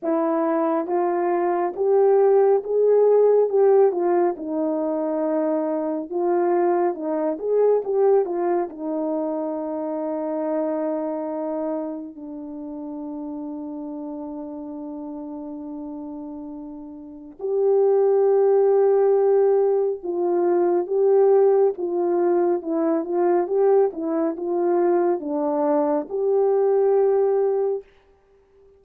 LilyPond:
\new Staff \with { instrumentName = "horn" } { \time 4/4 \tempo 4 = 69 e'4 f'4 g'4 gis'4 | g'8 f'8 dis'2 f'4 | dis'8 gis'8 g'8 f'8 dis'2~ | dis'2 d'2~ |
d'1 | g'2. f'4 | g'4 f'4 e'8 f'8 g'8 e'8 | f'4 d'4 g'2 | }